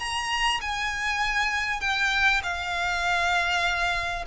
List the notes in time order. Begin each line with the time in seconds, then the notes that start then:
0.00 A#5
0.61 G#5
1.81 G5
2.44 F5